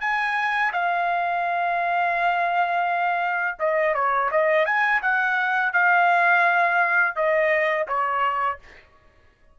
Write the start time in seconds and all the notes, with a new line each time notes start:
0.00 G#5
0.72 F5
3.59 D#5
3.94 C#5
4.31 D#5
4.65 G#5
5.02 F#5
5.72 F5
7.15 D#5
7.87 C#5